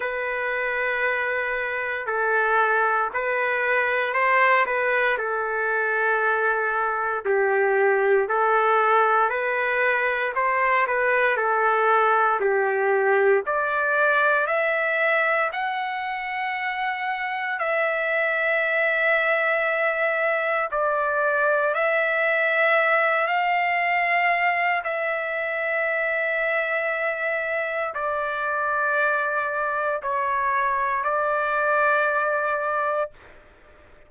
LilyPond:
\new Staff \with { instrumentName = "trumpet" } { \time 4/4 \tempo 4 = 58 b'2 a'4 b'4 | c''8 b'8 a'2 g'4 | a'4 b'4 c''8 b'8 a'4 | g'4 d''4 e''4 fis''4~ |
fis''4 e''2. | d''4 e''4. f''4. | e''2. d''4~ | d''4 cis''4 d''2 | }